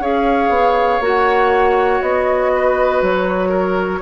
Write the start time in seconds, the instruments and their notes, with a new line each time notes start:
0.00 bassoon C#4, clarinet G#4, oboe C#5, flute F5
0.49 bassoon B3
1.00 bassoon A#3, clarinet F#4
1.06 flute F#5
2.02 bassoon B3, flute D#5
2.55 oboe B4
3.02 bassoon F#3, flute C#5
3.49 oboe A#4